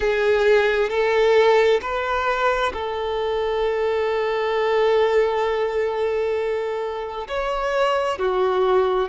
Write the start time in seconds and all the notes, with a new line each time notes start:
0.00 G#4
0.89 A4
1.81 B4
2.73 A4
7.28 C#5
8.18 F#4